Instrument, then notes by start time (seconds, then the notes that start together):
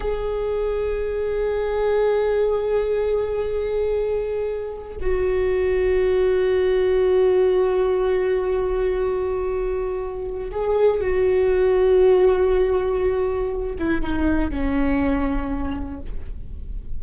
viola
0.00 G#4
5.00 F#4
10.51 G#4
11.00 F#4
13.78 E4
14.01 D#4
14.50 C#4